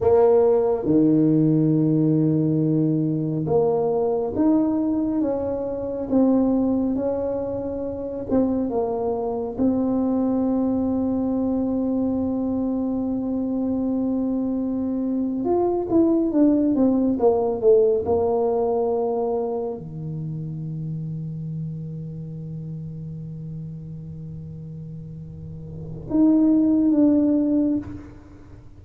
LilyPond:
\new Staff \with { instrumentName = "tuba" } { \time 4/4 \tempo 4 = 69 ais4 dis2. | ais4 dis'4 cis'4 c'4 | cis'4. c'8 ais4 c'4~ | c'1~ |
c'4.~ c'16 f'8 e'8 d'8 c'8 ais16~ | ais16 a8 ais2 dis4~ dis16~ | dis1~ | dis2 dis'4 d'4 | }